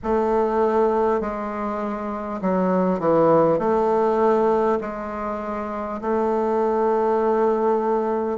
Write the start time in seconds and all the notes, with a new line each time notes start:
0.03 A3
1.20 G#3
2.41 F#3
2.99 E3
3.58 A3
4.80 G#3
6.01 A3